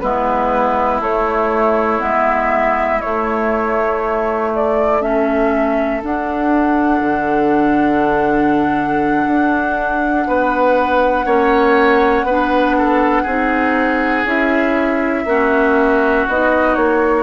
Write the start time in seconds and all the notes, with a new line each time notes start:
0.00 G#3 B3 E4 B4
1.00 A3 C#5
1.99 G#3 B3 E5
3.01 A3 C#5
4.55 D5
5.01 C#4 A4 E5
6.02 D4 F#5
7.01 D3
9.26 D4
10.27 B3 B4
11.25 A#3 C#4 C#5
12.23 B3 B4
12.30 D4
12.78 A4
13.22 C4 D#4 G#4
14.24 C#4 E4 E5
15.25 A#3 C#4 F#4
16.28 B3 D#4 D#5
16.75 A#3 C#5